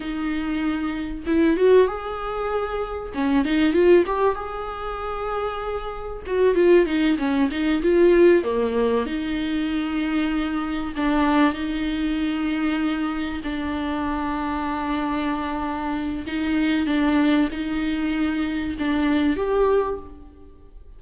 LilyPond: \new Staff \with { instrumentName = "viola" } { \time 4/4 \tempo 4 = 96 dis'2 e'8 fis'8 gis'4~ | gis'4 cis'8 dis'8 f'8 g'8 gis'4~ | gis'2 fis'8 f'8 dis'8 cis'8 | dis'8 f'4 ais4 dis'4.~ |
dis'4. d'4 dis'4.~ | dis'4. d'2~ d'8~ | d'2 dis'4 d'4 | dis'2 d'4 g'4 | }